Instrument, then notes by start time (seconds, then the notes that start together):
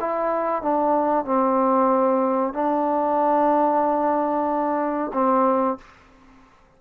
trombone
0.00 E4
0.62 D4
1.25 C4
2.53 D4
5.13 C4